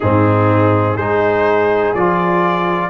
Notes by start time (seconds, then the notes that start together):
0.00 G#2 C4 D#4 G#4
0.95 G#3 D#4 G#4 C5
1.94 F3 F4 D5